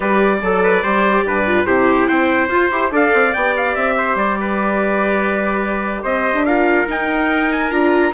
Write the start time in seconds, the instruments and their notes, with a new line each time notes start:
0.00 bassoon G3, viola G4, trumpet B4 D5
0.41 bassoon F#3, viola A4, trumpet A4
0.63 trumpet B4
0.83 bassoon G3, viola G4, trumpet C5
1.25 bassoon G2, trumpet B4
1.46 viola F4
1.65 bassoon C3, viola E4, trumpet G4 C5
2.07 bassoon C4, trumpet C5 G5
2.48 bassoon F4, viola F4, trumpet C5
2.70 bassoon E4, viola G4
2.90 bassoon D4, viola A4, trumpet D5 F5
3.13 bassoon C4
3.33 bassoon B3, viola G4, trumpet G5
3.57 trumpet F5
3.75 bassoon C4, trumpet E5
3.97 trumpet C5
4.15 bassoon G3, trumpet D5
4.40 trumpet B4
6.03 bassoon C4, trumpet C5 D#5
6.33 bassoon D4
6.45 viola F4, trumpet A#4 F5
6.87 viola D#4, bassoon D#4, trumpet G5
7.52 trumpet G#5
7.70 bassoon D4, viola F4, trumpet A#5